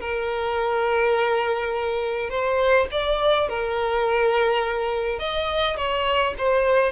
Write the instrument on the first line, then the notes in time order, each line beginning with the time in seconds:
violin
0.00 A#4
2.30 C5
2.92 D5
3.49 A#4
5.19 D#5
5.76 C#5
6.38 C5